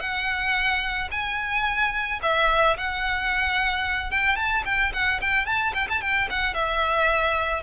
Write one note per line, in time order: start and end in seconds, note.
0.00 1.09 F#5
1.11 2.20 G#5
2.23 2.77 E5
2.77 4.11 F#5
4.11 4.36 G5
4.36 4.63 A5
4.65 4.93 G5
4.93 5.20 F#5
5.21 5.46 G5
5.46 5.73 A5
5.74 5.88 G5
5.90 6.01 A5
6.01 6.29 G5
6.30 6.54 F#5
6.54 7.63 E5